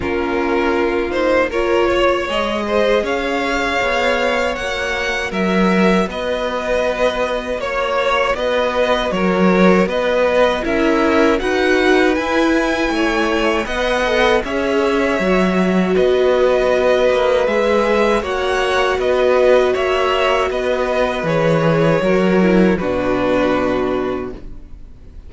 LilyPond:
<<
  \new Staff \with { instrumentName = "violin" } { \time 4/4 \tempo 4 = 79 ais'4. c''8 cis''4 dis''4 | f''2 fis''4 e''4 | dis''2 cis''4 dis''4 | cis''4 dis''4 e''4 fis''4 |
gis''2 fis''4 e''4~ | e''4 dis''2 e''4 | fis''4 dis''4 e''4 dis''4 | cis''2 b'2 | }
  \new Staff \with { instrumentName = "violin" } { \time 4/4 f'2 ais'8 cis''4 c''8 | cis''2. ais'4 | b'2 cis''4 b'4 | ais'4 b'4 ais'4 b'4~ |
b'4 cis''4 dis''4 cis''4~ | cis''4 b'2. | cis''4 b'4 cis''4 b'4~ | b'4 ais'4 fis'2 | }
  \new Staff \with { instrumentName = "viola" } { \time 4/4 cis'4. dis'8 f'4 gis'4~ | gis'2 fis'2~ | fis'1~ | fis'2 e'4 fis'4 |
e'2 b'8 a'8 gis'4 | fis'2. gis'4 | fis'1 | gis'4 fis'8 e'8 d'2 | }
  \new Staff \with { instrumentName = "cello" } { \time 4/4 ais2. gis4 | cis'4 b4 ais4 fis4 | b2 ais4 b4 | fis4 b4 cis'4 dis'4 |
e'4 a4 b4 cis'4 | fis4 b4. ais8 gis4 | ais4 b4 ais4 b4 | e4 fis4 b,2 | }
>>